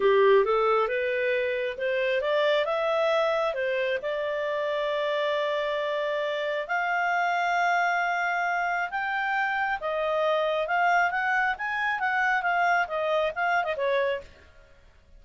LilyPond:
\new Staff \with { instrumentName = "clarinet" } { \time 4/4 \tempo 4 = 135 g'4 a'4 b'2 | c''4 d''4 e''2 | c''4 d''2.~ | d''2. f''4~ |
f''1 | g''2 dis''2 | f''4 fis''4 gis''4 fis''4 | f''4 dis''4 f''8. dis''16 cis''4 | }